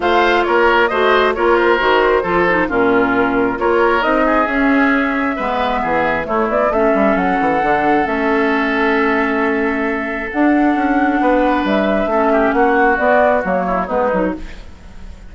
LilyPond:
<<
  \new Staff \with { instrumentName = "flute" } { \time 4/4 \tempo 4 = 134 f''4 cis''4 dis''4 cis''8 c''8~ | c''2 ais'2 | cis''4 dis''4 e''2~ | e''2 cis''8 d''8 e''4 |
fis''2 e''2~ | e''2. fis''4~ | fis''2 e''2 | fis''4 d''4 cis''4 b'4 | }
  \new Staff \with { instrumentName = "oboe" } { \time 4/4 c''4 ais'4 c''4 ais'4~ | ais'4 a'4 f'2 | ais'4. gis'2~ gis'8 | b'4 gis'4 e'4 a'4~ |
a'1~ | a'1~ | a'4 b'2 a'8 g'8 | fis'2~ fis'8 e'8 dis'4 | }
  \new Staff \with { instrumentName = "clarinet" } { \time 4/4 f'2 fis'4 f'4 | fis'4 f'8 dis'8 cis'2 | f'4 dis'4 cis'2 | b2 a4 cis'4~ |
cis'4 d'4 cis'2~ | cis'2. d'4~ | d'2. cis'4~ | cis'4 b4 ais4 b8 dis'8 | }
  \new Staff \with { instrumentName = "bassoon" } { \time 4/4 a4 ais4 a4 ais4 | dis4 f4 ais,2 | ais4 c'4 cis'2 | gis4 e4 a8 b8 a8 g8 |
fis8 e8 d4 a2~ | a2. d'4 | cis'4 b4 g4 a4 | ais4 b4 fis4 gis8 fis8 | }
>>